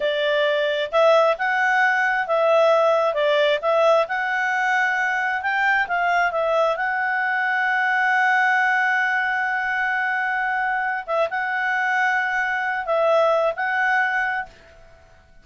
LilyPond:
\new Staff \with { instrumentName = "clarinet" } { \time 4/4 \tempo 4 = 133 d''2 e''4 fis''4~ | fis''4 e''2 d''4 | e''4 fis''2. | g''4 f''4 e''4 fis''4~ |
fis''1~ | fis''1~ | fis''8 e''8 fis''2.~ | fis''8 e''4. fis''2 | }